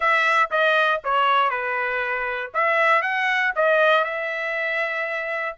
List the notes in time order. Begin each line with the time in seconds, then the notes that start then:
0.00 E5
0.50 D#5
1.04 C#5
1.50 B4
2.53 E5
3.02 F#5
3.55 D#5
4.04 E5